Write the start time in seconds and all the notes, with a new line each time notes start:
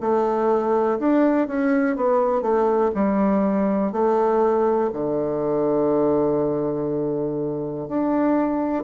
0.00 A3
0.99 D4
1.47 C#4
1.96 B3
2.42 A3
2.94 G3
3.92 A3
4.93 D3
7.88 D4